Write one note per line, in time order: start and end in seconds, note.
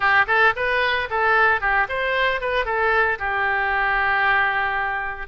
0.00 0.25 G4
0.27 0.53 A4
0.56 1.09 B4
1.10 1.60 A4
1.60 1.87 G4
1.88 2.40 C5
2.40 2.65 B4
2.65 3.18 A4
3.19 5.27 G4